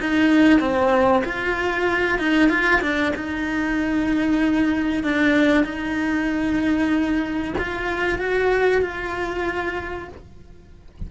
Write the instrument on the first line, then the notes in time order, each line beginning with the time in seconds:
cello
0.00 D#4
0.60 C4
1.24 F4
2.18 D#4
2.49 F4
2.81 D4
3.16 D#4
5.03 D4
5.64 D#4
7.58 F4
8.18 F#4
8.82 F4